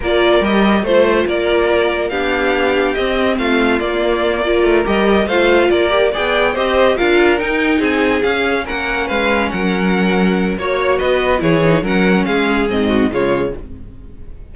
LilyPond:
<<
  \new Staff \with { instrumentName = "violin" } { \time 4/4 \tempo 4 = 142 d''4 dis''4 c''4 d''4~ | d''4 f''2 dis''4 | f''4 d''2~ d''8 dis''8~ | dis''8 f''4 d''4 g''4 dis''8~ |
dis''8 f''4 g''4 gis''4 f''8~ | f''8 fis''4 f''4 fis''4.~ | fis''4 cis''4 dis''4 cis''4 | fis''4 f''4 dis''4 cis''4 | }
  \new Staff \with { instrumentName = "violin" } { \time 4/4 ais'2 c''4 ais'4~ | ais'4 g'2. | f'2~ f'8 ais'4.~ | ais'8 c''4 ais'4 d''4 c''8~ |
c''8 ais'2 gis'4.~ | gis'8 ais'4 b'4 ais'4.~ | ais'4 cis''4 b'4 gis'4 | ais'4 gis'4. fis'8 f'4 | }
  \new Staff \with { instrumentName = "viola" } { \time 4/4 f'4 g'4 f'2~ | f'4 d'2 c'4~ | c'4 ais4. f'4 g'8~ | g'8 f'4. g'8 gis'4 g'8~ |
g'8 f'4 dis'2 cis'8~ | cis'1~ | cis'4 fis'2 e'8 dis'8 | cis'2 c'4 gis4 | }
  \new Staff \with { instrumentName = "cello" } { \time 4/4 ais4 g4 a4 ais4~ | ais4 b2 c'4 | a4 ais2 a8 g8~ | g8 a4 ais4 b4 c'8~ |
c'8 d'4 dis'4 c'4 cis'8~ | cis'8 ais4 gis4 fis4.~ | fis4 ais4 b4 e4 | fis4 gis4 gis,4 cis4 | }
>>